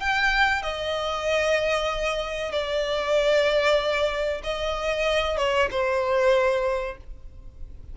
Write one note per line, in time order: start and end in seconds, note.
0.00 0.62 G5
0.62 2.52 D#5
2.52 4.41 D5
4.44 5.37 D#5
5.37 5.68 C#5
5.70 6.97 C5